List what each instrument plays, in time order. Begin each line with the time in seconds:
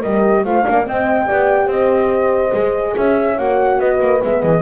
0.00 double bass G3, horn G4 A#4, flute D#5
0.44 double bass A3, horn F4 C5, flute F5
0.62 double bass A#3, horn D4 D5
0.83 horn C4 D#5, double bass C4, flute G5
1.25 double bass B3, horn G4 D5
1.67 double bass C4, horn C5, flute D#5
2.52 double bass G#3, horn G#4
2.97 double bass C#4, horn C#5, flute E5
3.38 double bass A#3, horn F#4, flute F#5
3.78 double bass B3, horn B4, flute D#5
3.99 double bass A#3
4.20 double bass G#3, horn B3, flute E5
4.40 double bass E3, horn G#4, flute D#5